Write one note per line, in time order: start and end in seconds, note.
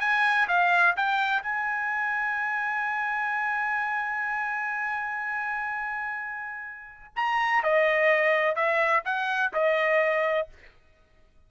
0.00 0.48 G#5
0.48 0.96 F5
0.96 1.43 G5
1.43 7.14 G#5
7.16 7.63 A#5
7.63 8.55 D#5
8.55 9.03 E5
9.05 9.53 F#5
9.53 10.48 D#5